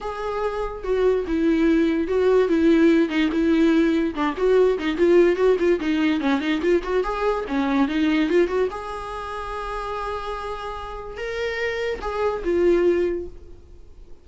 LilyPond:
\new Staff \with { instrumentName = "viola" } { \time 4/4 \tempo 4 = 145 gis'2 fis'4 e'4~ | e'4 fis'4 e'4. dis'8 | e'2 d'8 fis'4 dis'8 | f'4 fis'8 f'8 dis'4 cis'8 dis'8 |
f'8 fis'8 gis'4 cis'4 dis'4 | f'8 fis'8 gis'2.~ | gis'2. ais'4~ | ais'4 gis'4 f'2 | }